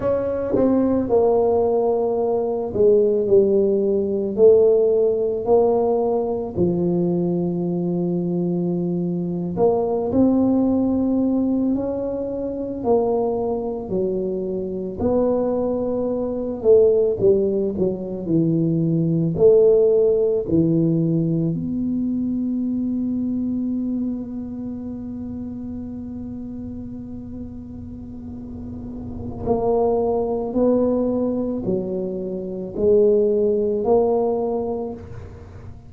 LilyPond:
\new Staff \with { instrumentName = "tuba" } { \time 4/4 \tempo 4 = 55 cis'8 c'8 ais4. gis8 g4 | a4 ais4 f2~ | f8. ais8 c'4. cis'4 ais16~ | ais8. fis4 b4. a8 g16~ |
g16 fis8 e4 a4 e4 b16~ | b1~ | b2. ais4 | b4 fis4 gis4 ais4 | }